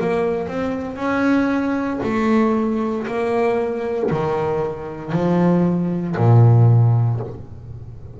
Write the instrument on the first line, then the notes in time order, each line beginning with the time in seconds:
double bass
0.00 A#3
0.47 C4
0.96 C#4
2.03 A3
3.07 A#3
4.10 D#3
5.12 F3
6.16 A#2